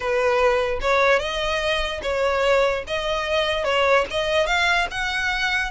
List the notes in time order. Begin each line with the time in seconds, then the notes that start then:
0.00 B4
0.81 C#5
1.19 D#5
2.02 C#5
2.87 D#5
3.64 C#5
4.10 D#5
4.46 F5
4.90 F#5